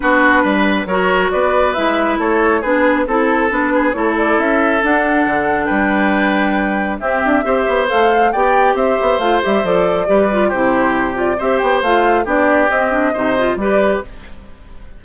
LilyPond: <<
  \new Staff \with { instrumentName = "flute" } { \time 4/4 \tempo 4 = 137 b'2 cis''4 d''4 | e''4 cis''4 b'4 a'4 | b'4 cis''8 d''8 e''4 fis''4~ | fis''4 g''2. |
e''2 f''4 g''4 | e''4 f''8 e''8 d''2 | c''4. d''8 e''8 g''8 f''4 | d''4 dis''2 d''4 | }
  \new Staff \with { instrumentName = "oboe" } { \time 4/4 fis'4 b'4 ais'4 b'4~ | b'4 a'4 gis'4 a'4~ | a'8 gis'8 a'2.~ | a'4 b'2. |
g'4 c''2 d''4 | c''2. b'4 | g'2 c''2 | g'2 c''4 b'4 | }
  \new Staff \with { instrumentName = "clarinet" } { \time 4/4 d'2 fis'2 | e'2 d'4 e'4 | d'4 e'2 d'4~ | d'1 |
c'4 g'4 a'4 g'4~ | g'4 f'8 g'8 a'4 g'8 f'8 | e'4. f'8 g'4 f'4 | d'4 c'8 d'8 dis'8 f'8 g'4 | }
  \new Staff \with { instrumentName = "bassoon" } { \time 4/4 b4 g4 fis4 b4 | gis4 a4 b4 c'4 | b4 a4 cis'4 d'4 | d4 g2. |
c'8 d'8 c'8 b8 a4 b4 | c'8 b8 a8 g8 f4 g4 | c2 c'8 b8 a4 | b4 c'4 c4 g4 | }
>>